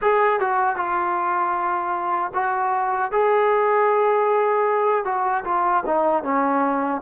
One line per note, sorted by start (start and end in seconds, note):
0.01 0.40 G#4
0.40 0.76 F#4
0.76 2.32 F4
2.34 3.11 F#4
3.11 5.04 G#4
5.04 5.44 F#4
5.44 5.83 F4
5.86 6.23 D#4
6.23 7.01 C#4